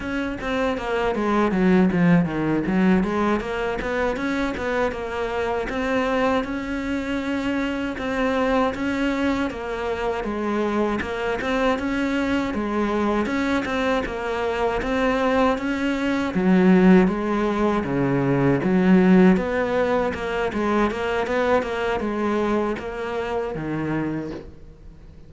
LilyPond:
\new Staff \with { instrumentName = "cello" } { \time 4/4 \tempo 4 = 79 cis'8 c'8 ais8 gis8 fis8 f8 dis8 fis8 | gis8 ais8 b8 cis'8 b8 ais4 c'8~ | c'8 cis'2 c'4 cis'8~ | cis'8 ais4 gis4 ais8 c'8 cis'8~ |
cis'8 gis4 cis'8 c'8 ais4 c'8~ | c'8 cis'4 fis4 gis4 cis8~ | cis8 fis4 b4 ais8 gis8 ais8 | b8 ais8 gis4 ais4 dis4 | }